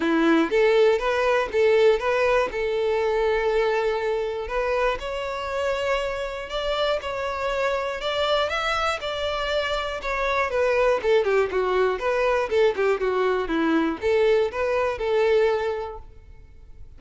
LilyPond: \new Staff \with { instrumentName = "violin" } { \time 4/4 \tempo 4 = 120 e'4 a'4 b'4 a'4 | b'4 a'2.~ | a'4 b'4 cis''2~ | cis''4 d''4 cis''2 |
d''4 e''4 d''2 | cis''4 b'4 a'8 g'8 fis'4 | b'4 a'8 g'8 fis'4 e'4 | a'4 b'4 a'2 | }